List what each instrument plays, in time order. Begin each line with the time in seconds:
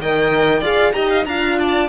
0.00 cello D#3, horn A#4, violin D#5 G5
0.60 cello F4, horn G#4, violin D5 F5
0.93 cello D#4, horn G4, violin D#5 A#5
1.10 violin F5
1.25 cello D4, horn F4, violin F5 A#5
1.59 violin D5 A5